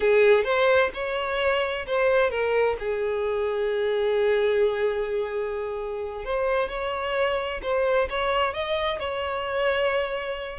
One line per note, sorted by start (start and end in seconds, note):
0.00 0.44 G#4
0.44 0.90 C5
0.93 1.86 C#5
1.86 2.30 C5
2.30 2.76 A#4
2.79 6.24 G#4
6.24 6.68 C5
6.68 7.60 C#5
7.62 8.08 C5
8.09 8.53 C#5
8.53 8.99 D#5
8.99 10.59 C#5